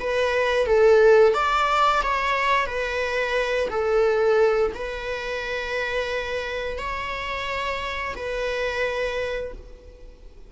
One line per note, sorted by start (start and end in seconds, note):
0.00 0.66 B4
0.66 1.34 A4
1.34 2.02 D5
2.03 2.66 C#5
2.66 3.68 B4
3.70 4.72 A4
4.75 6.78 B4
6.78 8.15 C#5
8.16 9.52 B4